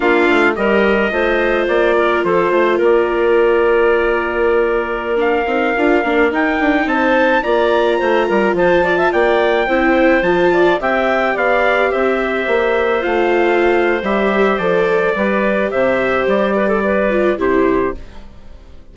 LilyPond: <<
  \new Staff \with { instrumentName = "trumpet" } { \time 4/4 \tempo 4 = 107 f''4 dis''2 d''4 | c''4 d''2.~ | d''4~ d''16 f''2 g''8.~ | g''16 a''4 ais''2 a''8.~ |
a''16 g''2 a''4 g''8.~ | g''16 f''4 e''2 f''8.~ | f''4 e''4 d''2 | e''4 d''2 c''4 | }
  \new Staff \with { instrumentName = "clarinet" } { \time 4/4 f'4 ais'4 c''4. ais'8 | a'8 c''8 ais'2.~ | ais'1~ | ais'16 c''4 d''4 c''8 ais'8 c''8 d''16 |
e''16 d''4 c''4. d''8 e''8.~ | e''16 d''4 c''2~ c''8.~ | c''2. b'4 | c''4. b'16 a'16 b'4 g'4 | }
  \new Staff \with { instrumentName = "viola" } { \time 4/4 d'4 g'4 f'2~ | f'1~ | f'4~ f'16 d'8 dis'8 f'8 d'8 dis'8.~ | dis'4~ dis'16 f'2~ f'8.~ |
f'4~ f'16 e'4 f'4 g'8.~ | g'2.~ g'16 f'8.~ | f'4 g'4 a'4 g'4~ | g'2~ g'8 f'8 e'4 | }
  \new Staff \with { instrumentName = "bassoon" } { \time 4/4 ais8 a8 g4 a4 ais4 | f8 a8 ais2.~ | ais4.~ ais16 c'8 d'8 ais8 dis'8 d'16~ | d'16 c'4 ais4 a8 g8 f8.~ |
f16 ais4 c'4 f4 c'8.~ | c'16 b4 c'4 ais4 a8.~ | a4 g4 f4 g4 | c4 g2 c4 | }
>>